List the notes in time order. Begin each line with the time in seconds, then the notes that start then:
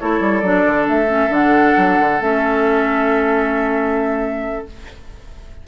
0.00 A3 E4 A4 C#5
0.21 G3
0.41 F#3 D4 D5
0.67 D3
0.89 A3 E5
1.07 C#4
1.30 D3 D4 F#5
1.77 F#3
2.00 D3
2.21 A3 C#4 E5